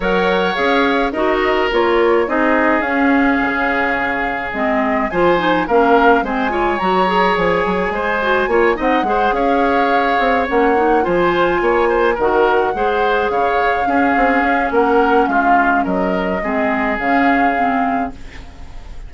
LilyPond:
<<
  \new Staff \with { instrumentName = "flute" } { \time 4/4 \tempo 4 = 106 fis''4 f''4 dis''4 cis''4 | dis''4 f''2. | dis''4 gis''4 f''4 gis''4 | ais''4 gis''2~ gis''8 fis''8~ |
fis''8 f''2 fis''4 gis''8~ | gis''4. fis''2 f''8~ | f''2 fis''4 f''4 | dis''2 f''2 | }
  \new Staff \with { instrumentName = "oboe" } { \time 4/4 cis''2 ais'2 | gis'1~ | gis'4 c''4 ais'4 c''8 cis''8~ | cis''2 c''4 cis''8 dis''8 |
c''8 cis''2. c''8~ | c''8 cis''8 c''8 ais'4 c''4 cis''8~ | cis''8 gis'4. ais'4 f'4 | ais'4 gis'2. | }
  \new Staff \with { instrumentName = "clarinet" } { \time 4/4 ais'4 gis'4 fis'4 f'4 | dis'4 cis'2. | c'4 f'8 dis'8 cis'4 c'8 f'8 | fis'8 gis'2 fis'8 f'8 dis'8 |
gis'2~ gis'8 cis'8 dis'8 f'8~ | f'4. fis'4 gis'4.~ | gis'8 cis'2.~ cis'8~ | cis'4 c'4 cis'4 c'4 | }
  \new Staff \with { instrumentName = "bassoon" } { \time 4/4 fis4 cis'4 dis'4 ais4 | c'4 cis'4 cis2 | gis4 f4 ais4 gis4 | fis4 f8 fis8 gis4 ais8 c'8 |
gis8 cis'4. c'8 ais4 f8~ | f8 ais4 dis4 gis4 cis8~ | cis8 cis'8 c'8 cis'8 ais4 gis4 | fis4 gis4 cis2 | }
>>